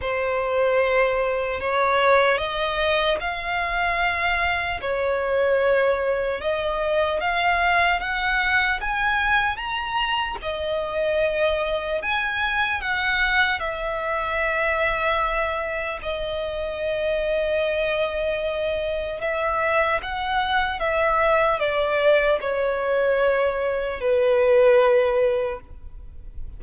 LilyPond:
\new Staff \with { instrumentName = "violin" } { \time 4/4 \tempo 4 = 75 c''2 cis''4 dis''4 | f''2 cis''2 | dis''4 f''4 fis''4 gis''4 | ais''4 dis''2 gis''4 |
fis''4 e''2. | dis''1 | e''4 fis''4 e''4 d''4 | cis''2 b'2 | }